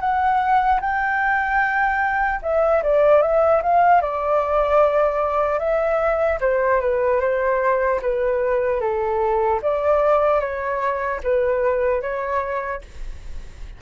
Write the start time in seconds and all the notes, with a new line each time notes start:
0.00 F#5
0.81 G5
2.43 E5
2.83 D5
3.22 E5
3.63 F5
4.01 D5
5.59 E5
6.40 C5
6.81 B4
7.20 C5
8.02 B4
8.80 A4
9.63 D5
10.40 C#5
11.24 B4
12.01 C#5